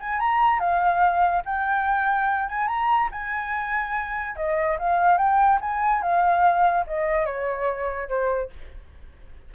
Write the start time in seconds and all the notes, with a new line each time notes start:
0.00 G#5
0.20 A#5
0.59 F5
1.45 G5
2.49 G#5
2.67 A#5
3.12 G#5
4.36 D#5
4.79 F5
5.18 G5
5.61 G#5
6.02 F5
6.87 D#5
7.25 C#5
8.08 C5